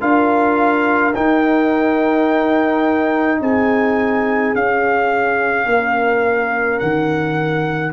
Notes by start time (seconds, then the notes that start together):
0.00 D4 F4 A#4 F5
1.15 D#4 G5
3.40 C4 G#4 G#5
4.54 C#4 F5
5.65 A#3 A#4
6.79 D#3 F#5